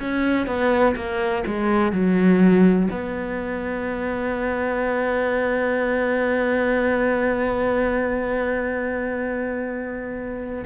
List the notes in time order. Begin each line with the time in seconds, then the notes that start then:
0.00 C#4
0.47 B3
0.96 A#3
1.47 G#3
1.93 F#3
2.91 B3